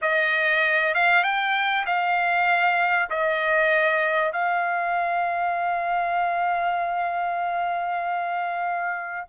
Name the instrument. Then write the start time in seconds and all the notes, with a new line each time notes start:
trumpet
0.01 D#5
0.94 F5
1.23 G5
1.86 F5
3.10 D#5
4.32 F5